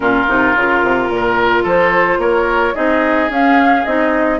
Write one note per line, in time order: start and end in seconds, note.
0.00 0.25 A#2
0.00 0.26 C#4
0.00 1.11 F4
0.00 1.64 A#4
0.27 0.55 C3
0.27 0.55 D#4
0.56 0.82 C#3
0.56 2.74 F4
0.82 1.09 C3
1.09 1.64 A#2
1.15 1.63 A#4
1.63 2.18 F3
1.63 2.18 A4
1.63 2.20 C5
2.18 2.73 A#3
2.18 2.74 A#4
2.18 2.75 C#5
2.74 3.29 C4
2.74 3.29 D#4
2.74 4.39 G#4
2.74 3.30 D#5
3.29 3.84 C#4
3.29 3.85 C#4
3.29 3.84 F5
3.84 4.39 C4
3.84 4.39 D#4
3.84 4.39 D#5